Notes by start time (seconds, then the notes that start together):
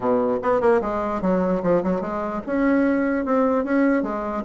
0.00 B2
0.42 B3
0.60 A#3
0.81 G#3
1.21 F#3
1.62 F3
1.83 F#3
2.01 G#3
2.46 C#4
3.25 C4
3.64 C#4
4.02 G#3